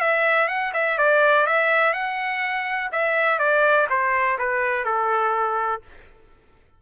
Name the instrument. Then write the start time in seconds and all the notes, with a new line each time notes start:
trumpet
0.00 E5
0.48 F#5
0.74 E5
0.98 D5
1.46 E5
1.94 F#5
2.92 E5
3.39 D5
3.90 C5
4.39 B4
4.85 A4